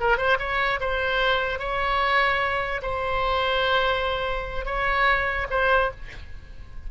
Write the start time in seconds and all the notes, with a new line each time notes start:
0.00 A#4
0.17 C5
0.39 C#5
0.80 C5
1.59 C#5
2.82 C5
4.65 C#5
5.50 C5